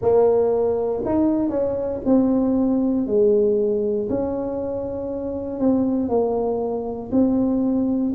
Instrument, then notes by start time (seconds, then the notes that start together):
tuba
0.01 A#3
1.05 D#4
1.49 C#4
2.05 C4
3.06 G#3
4.09 C#4
5.59 C4
6.08 A#3
7.11 C4